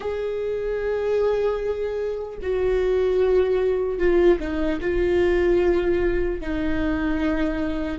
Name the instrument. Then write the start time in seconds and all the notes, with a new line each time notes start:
viola
0.00 G#4
2.42 F#4
3.98 F4
4.39 D#4
4.80 F4
6.40 D#4